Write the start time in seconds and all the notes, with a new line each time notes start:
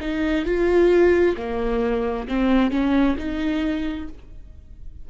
0.00 D#4
0.45 F4
1.36 A#3
2.27 C4
2.70 C#4
3.17 D#4